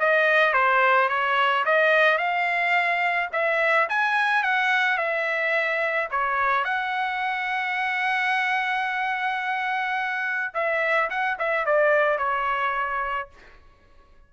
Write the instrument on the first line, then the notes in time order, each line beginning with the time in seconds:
trumpet
0.00 D#5
0.53 C5
1.09 C#5
1.65 D#5
2.18 F5
3.32 E5
3.89 G#5
4.43 F#5
4.98 E5
6.11 C#5
6.64 F#5
10.54 E5
11.10 F#5
11.39 E5
11.66 D5
12.18 C#5